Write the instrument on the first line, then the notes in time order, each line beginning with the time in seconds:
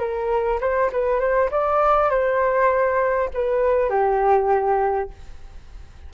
flute
0.00 A#4
0.61 C5
0.93 B4
1.20 C5
1.52 D5
2.10 C5
3.34 B4
3.90 G4